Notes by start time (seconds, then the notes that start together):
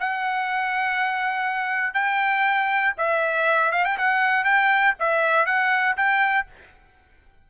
0.00 F#5
1.94 G5
2.98 E5
3.72 F5
3.85 G5
3.98 F#5
4.45 G5
5.00 E5
5.46 F#5
5.97 G5